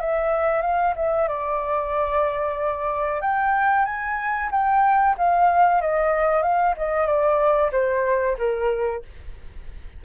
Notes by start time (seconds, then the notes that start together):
0.00 E5
0.62 F5
0.96 E5
1.28 D5
3.21 G5
3.85 G#5
4.52 G5
5.18 F5
5.82 D#5
6.43 F5
6.77 D#5
7.07 D5
7.72 C5
8.38 A#4